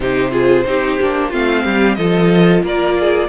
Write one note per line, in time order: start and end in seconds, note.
0.00 0.63 C3
0.00 0.31 D#4
0.00 0.31 G4
0.00 1.32 C5
0.31 0.64 F4
0.31 0.64 G#4
0.66 0.98 C4
0.66 0.99 D#4
0.66 1.29 G4
1.01 1.33 A#3
1.01 1.31 D4
1.29 1.65 A3
1.29 1.97 C4
1.29 1.62 F4
1.29 1.95 F5
1.63 1.97 G3
1.63 1.96 G4
1.95 2.62 F3
1.95 3.28 F4
1.95 2.63 A4
1.95 2.61 D#5
2.62 3.28 A#3
2.62 2.97 A#4
2.62 3.28 D5
2.99 3.28 G#4